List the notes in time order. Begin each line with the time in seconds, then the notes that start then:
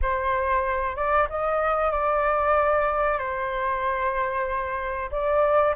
0.01 C5
0.95 D5
1.29 D#5
1.91 D5
3.18 C5
5.11 D5